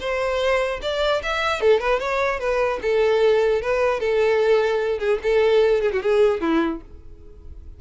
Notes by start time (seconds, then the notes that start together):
0.00 C5
0.82 D5
1.23 E5
1.61 A4
1.80 B4
2.00 C#5
2.39 B4
2.82 A4
3.62 B4
4.00 A4
4.99 G#4
5.23 A4
5.82 G#4
5.92 F#4
6.02 G#4
6.41 E4